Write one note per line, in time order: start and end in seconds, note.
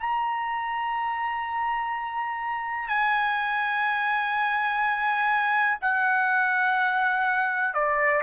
0.00 2.89 A#5
2.89 5.79 G#5
5.82 7.74 F#5
7.74 8.23 D5